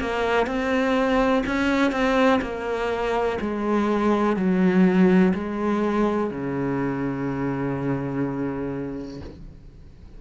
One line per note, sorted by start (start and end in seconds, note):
0.00 0.46 A#3
0.46 1.43 C4
1.46 1.91 C#4
1.91 2.40 C4
2.41 3.38 A#3
3.40 4.36 G#3
4.36 5.33 F#3
5.34 6.30 G#3
6.30 9.21 C#3